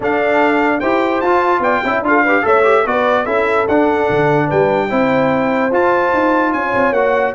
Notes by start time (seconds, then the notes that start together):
0.00 D4 A4 F5
0.79 E4 G4 C5 G5
1.20 F4 A5
1.59 B3 D5 G5
1.83 C#4 E4 E5
2.01 D4 F4 F5
2.07 A4
2.23 G4 B4
2.42 A3 A4 C#5 E5
2.63 G4
2.85 B3 F#4 B4 D5
3.24 C#4 E4 A4 E5
3.67 D4 F#5
4.10 D3
4.47 G3 B4 G5
4.89 C4 E4 C5
5.71 F4 A5
6.13 D#4
6.52 C#4 C#5 G#5
6.74 C4
6.92 A#3 F#4 F#5